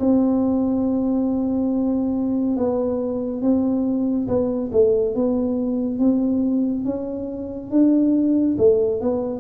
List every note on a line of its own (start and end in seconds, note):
0.00 2.57 C4
2.57 3.42 B3
3.42 4.28 C4
4.28 4.71 B3
4.73 5.15 A3
5.15 5.99 B3
5.99 6.85 C4
6.85 7.71 C#4
7.71 8.56 D4
8.58 9.01 A3
9.02 9.41 B3